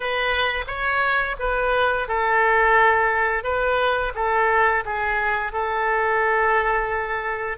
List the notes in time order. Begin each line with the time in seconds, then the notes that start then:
0.00 B4
0.67 C#5
1.39 B4
2.08 A4
3.43 B4
4.14 A4
4.85 G#4
5.52 A4